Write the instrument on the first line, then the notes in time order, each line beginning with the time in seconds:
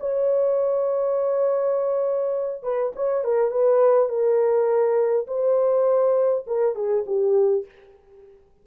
horn
0.00 C#5
2.63 B4
2.96 C#5
3.24 A#4
3.51 B4
4.09 A#4
5.28 C5
6.47 A#4
6.75 G#4
7.06 G4